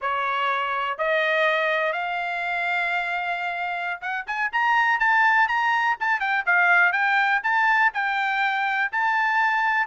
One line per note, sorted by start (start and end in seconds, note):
0.01 0.98 C#5
0.98 1.92 D#5
1.92 4.00 F5
4.01 4.25 F#5
4.26 4.51 G#5
4.52 4.99 A#5
4.99 5.48 A5
5.48 5.96 A#5
6.00 6.20 A5
6.20 6.44 G5
6.45 6.92 F5
6.92 7.41 G5
7.43 7.92 A5
7.93 8.91 G5
8.92 9.87 A5